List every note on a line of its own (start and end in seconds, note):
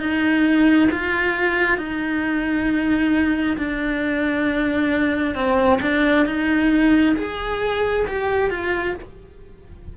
0.00 0.90 D#4
0.92 1.78 F4
1.78 3.57 D#4
3.57 5.35 D4
5.35 5.80 C4
5.82 6.26 D4
6.26 7.16 D#4
7.17 8.06 G#4
8.08 8.50 G4
8.50 8.95 F4